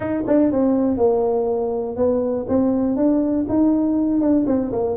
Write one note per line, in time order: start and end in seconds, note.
0.00 0.22 D#4
0.27 0.51 D4
0.51 0.97 C4
0.97 1.96 A#3
1.96 2.46 B3
2.48 2.96 C4
2.96 3.46 D4
3.48 4.21 D#4
4.21 4.45 D4
4.47 4.71 C4
4.72 4.96 A#3